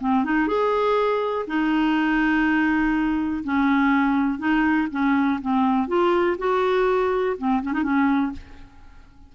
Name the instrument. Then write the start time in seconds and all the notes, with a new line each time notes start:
clarinet
0.00 C4
0.24 D#4
0.47 G#4
1.47 D#4
3.44 C#4
4.38 D#4
4.91 C#4
5.41 C4
5.88 F4
6.38 F#4
7.37 C4
7.63 C#4
7.73 D#4
7.83 C#4